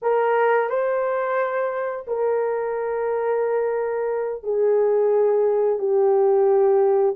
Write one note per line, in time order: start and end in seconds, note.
0.02 0.69 A#4
0.69 2.05 C5
2.07 4.43 A#4
4.43 5.78 G#4
5.78 7.15 G4